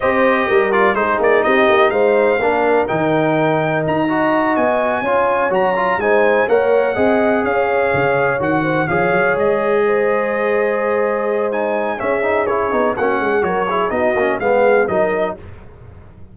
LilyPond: <<
  \new Staff \with { instrumentName = "trumpet" } { \time 4/4 \tempo 4 = 125 dis''4. d''8 c''8 d''8 dis''4 | f''2 g''2 | ais''4. gis''2 ais''8~ | ais''8 gis''4 fis''2 f''8~ |
f''4. fis''4 f''4 dis''8~ | dis''1 | gis''4 e''4 cis''4 fis''4 | cis''4 dis''4 f''4 dis''4 | }
  \new Staff \with { instrumentName = "horn" } { \time 4/4 c''4 ais'4 gis'4 g'4 | c''4 ais'2.~ | ais'8 dis''2 cis''4.~ | cis''8 c''4 cis''4 dis''4 cis''8~ |
cis''2 c''8 cis''4.~ | cis''8 c''2.~ c''8~ | c''4 gis'2 fis'8 gis'8 | ais'8 gis'8 fis'4 gis'4 ais'4 | }
  \new Staff \with { instrumentName = "trombone" } { \time 4/4 g'4. f'8 dis'2~ | dis'4 d'4 dis'2~ | dis'8 fis'2 f'4 fis'8 | f'8 dis'4 ais'4 gis'4.~ |
gis'4. fis'4 gis'4.~ | gis'1 | dis'4 cis'8 dis'8 e'8 dis'8 cis'4 | fis'8 e'8 dis'8 cis'8 b4 dis'4 | }
  \new Staff \with { instrumentName = "tuba" } { \time 4/4 c'4 g4 gis8 ais8 c'8 ais8 | gis4 ais4 dis2 | dis'4. b4 cis'4 fis8~ | fis8 gis4 ais4 c'4 cis'8~ |
cis'8 cis4 dis4 f8 fis8 gis8~ | gis1~ | gis4 cis'4. b8 ais8 gis8 | fis4 b8 ais8 gis4 fis4 | }
>>